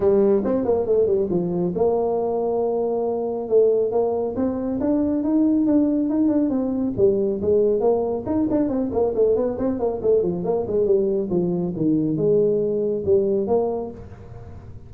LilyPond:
\new Staff \with { instrumentName = "tuba" } { \time 4/4 \tempo 4 = 138 g4 c'8 ais8 a8 g8 f4 | ais1 | a4 ais4 c'4 d'4 | dis'4 d'4 dis'8 d'8 c'4 |
g4 gis4 ais4 dis'8 d'8 | c'8 ais8 a8 b8 c'8 ais8 a8 f8 | ais8 gis8 g4 f4 dis4 | gis2 g4 ais4 | }